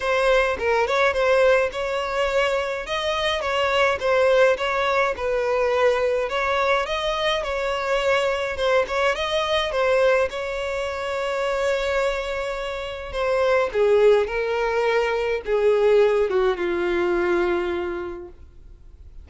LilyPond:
\new Staff \with { instrumentName = "violin" } { \time 4/4 \tempo 4 = 105 c''4 ais'8 cis''8 c''4 cis''4~ | cis''4 dis''4 cis''4 c''4 | cis''4 b'2 cis''4 | dis''4 cis''2 c''8 cis''8 |
dis''4 c''4 cis''2~ | cis''2. c''4 | gis'4 ais'2 gis'4~ | gis'8 fis'8 f'2. | }